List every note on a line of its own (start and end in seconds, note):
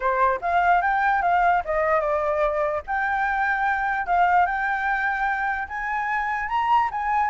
0.00 0.39 C5
0.41 0.81 F5
0.81 1.22 G5
1.22 1.62 F5
1.65 2.00 D#5
2.00 2.81 D5
2.87 4.06 G5
4.06 4.46 F5
4.46 5.67 G5
5.68 6.49 G#5
6.49 6.89 A#5
6.91 7.30 G#5